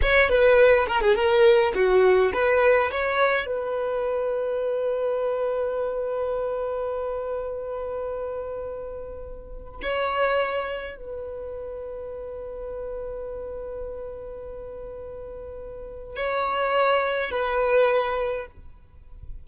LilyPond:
\new Staff \with { instrumentName = "violin" } { \time 4/4 \tempo 4 = 104 cis''8 b'4 ais'16 gis'16 ais'4 fis'4 | b'4 cis''4 b'2~ | b'1~ | b'1~ |
b'4 cis''2 b'4~ | b'1~ | b'1 | cis''2 b'2 | }